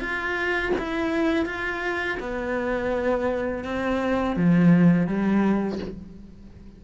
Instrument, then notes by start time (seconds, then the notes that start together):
cello
0.00 F4
0.79 E4
1.46 F4
2.19 B3
3.64 C4
4.36 F3
5.07 G3